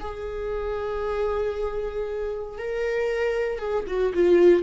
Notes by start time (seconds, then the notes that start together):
0.00 G#4
2.58 A#4
3.58 G#4
3.87 F#4
4.14 F4